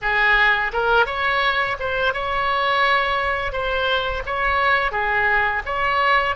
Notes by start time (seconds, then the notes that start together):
0.01 G#4
0.73 A#4
1.06 C#5
1.79 C5
2.13 C#5
3.52 C5
4.25 C#5
4.91 G#4
5.65 C#5